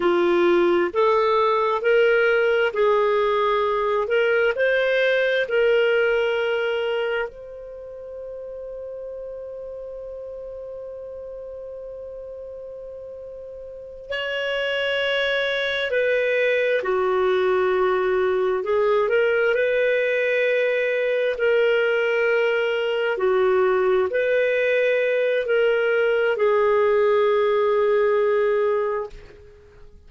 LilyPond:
\new Staff \with { instrumentName = "clarinet" } { \time 4/4 \tempo 4 = 66 f'4 a'4 ais'4 gis'4~ | gis'8 ais'8 c''4 ais'2 | c''1~ | c''2.~ c''8 cis''8~ |
cis''4. b'4 fis'4.~ | fis'8 gis'8 ais'8 b'2 ais'8~ | ais'4. fis'4 b'4. | ais'4 gis'2. | }